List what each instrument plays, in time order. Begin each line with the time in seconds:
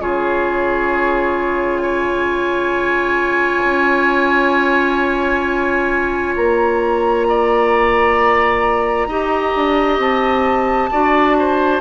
0.00 bassoon C#3, clarinet F4, oboe G#4, flute C#5
1.79 oboe C#5, flute G#5
3.64 bassoon C#4
6.36 bassoon A#3, flute A#5
7.29 oboe D5
9.07 bassoon D#4, clarinet G4, oboe D#5
9.56 bassoon D4
9.99 bassoon C4, flute A5
10.92 bassoon D4, clarinet F#4, oboe D5
11.39 oboe C5